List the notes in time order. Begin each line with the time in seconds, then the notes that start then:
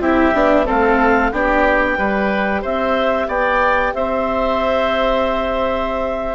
0.00 C4 E4 G4 E5
0.34 B3 D4
0.65 A3 C4 A4 F5
1.31 B3 D4 G4 G5
1.97 G3 G4 B4
2.61 C4 C5 E5
3.28 B3 D5 G5
3.93 C4 C5 E5